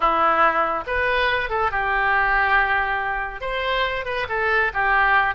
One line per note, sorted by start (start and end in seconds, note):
0.00 0.84 E4
0.86 1.49 B4
1.49 1.71 A4
1.71 3.41 G4
3.41 4.05 C5
4.05 4.26 B4
4.29 4.71 A4
4.73 5.34 G4